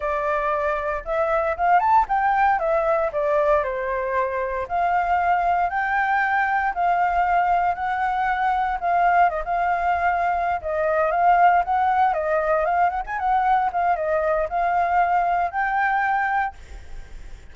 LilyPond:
\new Staff \with { instrumentName = "flute" } { \time 4/4 \tempo 4 = 116 d''2 e''4 f''8 a''8 | g''4 e''4 d''4 c''4~ | c''4 f''2 g''4~ | g''4 f''2 fis''4~ |
fis''4 f''4 dis''16 f''4.~ f''16~ | f''8 dis''4 f''4 fis''4 dis''8~ | dis''8 f''8 fis''16 gis''16 fis''4 f''8 dis''4 | f''2 g''2 | }